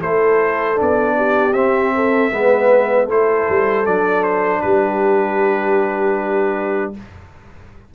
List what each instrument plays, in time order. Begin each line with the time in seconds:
0.00 tuba A3, trombone E4, horn A4, trumpet C5
0.75 trombone D4
0.81 tuba B3, trumpet D5
1.17 horn G4
1.53 tuba C4, trombone C4, trumpet E5
1.95 horn A4
2.32 tuba G#3, trombone B3, horn B4
3.06 tuba A3, trombone E4, horn A4, trumpet C5
3.49 tuba G3
3.86 tuba F#3, trombone D4, trumpet D5
4.23 trumpet C5
4.61 tuba G3, horn G4, trumpet B4